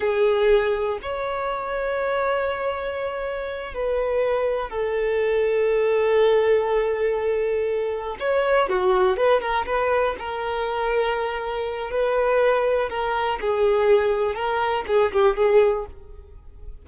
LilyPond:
\new Staff \with { instrumentName = "violin" } { \time 4/4 \tempo 4 = 121 gis'2 cis''2~ | cis''2.~ cis''8 b'8~ | b'4. a'2~ a'8~ | a'1~ |
a'8 cis''4 fis'4 b'8 ais'8 b'8~ | b'8 ais'2.~ ais'8 | b'2 ais'4 gis'4~ | gis'4 ais'4 gis'8 g'8 gis'4 | }